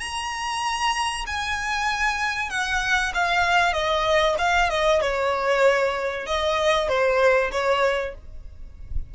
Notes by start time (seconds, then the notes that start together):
0.00 A#5
1.27 G#5
2.50 F#5
3.14 F5
3.73 D#5
4.38 F5
4.70 D#5
5.01 C#5
6.26 D#5
6.88 C5
7.51 C#5